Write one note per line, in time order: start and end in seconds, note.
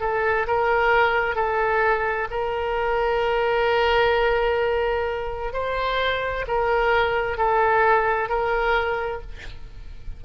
0.00 0.46 A4
0.47 1.35 A#4
1.35 2.27 A4
2.31 5.53 A#4
5.53 6.45 C5
6.47 7.37 A#4
7.37 8.29 A4
8.29 9.21 A#4